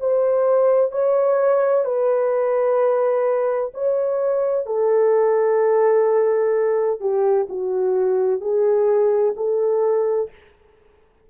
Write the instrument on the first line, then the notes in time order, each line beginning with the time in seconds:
horn
0.00 C5
0.92 C#5
1.85 B4
3.75 C#5
4.66 A4
7.01 G4
7.50 F#4
8.41 G#4
9.37 A4